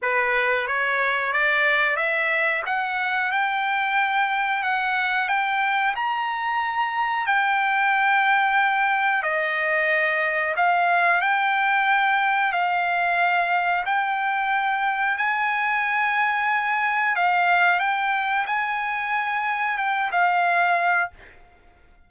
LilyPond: \new Staff \with { instrumentName = "trumpet" } { \time 4/4 \tempo 4 = 91 b'4 cis''4 d''4 e''4 | fis''4 g''2 fis''4 | g''4 ais''2 g''4~ | g''2 dis''2 |
f''4 g''2 f''4~ | f''4 g''2 gis''4~ | gis''2 f''4 g''4 | gis''2 g''8 f''4. | }